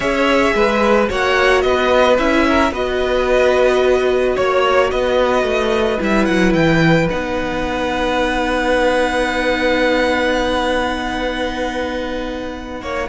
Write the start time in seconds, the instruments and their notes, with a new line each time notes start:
0.00 cello C#4, viola G#4, violin C#5 E5
0.55 cello G#3, violin B4
1.07 cello A#3, viola F#4, violin C#5 F#5
1.61 cello B3, violin B4 D#5
2.17 cello C#4, viola E4, violin E5
2.48 violin A#4
2.71 cello B3, viola F#4, violin B4 D#5
4.35 cello A#3, violin C#5
4.90 cello B3, violin B4 D#5
5.43 cello A3
5.98 cello G3, viola E4, violin E5
6.25 cello F#3, violin F#5
6.53 cello E3, violin G5
7.10 cello B3, viola D#4, violin F#5
12.81 cello A#3, violin C#5